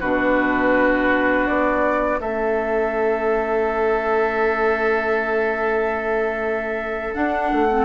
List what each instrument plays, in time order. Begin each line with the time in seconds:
0.00 bassoon B2, clarinet D4, oboe F#4, flute B4
1.47 bassoon B3, flute D5
2.20 bassoon A3, clarinet C#4, oboe A4, flute E5
7.14 clarinet D4, bassoon D4, flute F#5
7.52 bassoon A3
7.69 clarinet C4